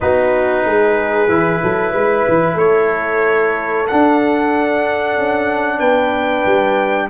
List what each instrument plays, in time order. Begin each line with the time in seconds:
0.00 tuba B3, trombone D#4, horn F#4, trumpet B4
0.64 tuba G#3, horn G#4
1.28 tuba E3, trombone E4
1.62 tuba F#3, horn A4
1.92 tuba G#3, horn B4
2.28 tuba E3
2.54 tuba A3, horn A4, trumpet C#5
3.87 trombone D4, tuba D4, trumpet F#5
5.17 tuba C#4
5.78 tuba B3, horn B4, trumpet G5
6.45 tuba G3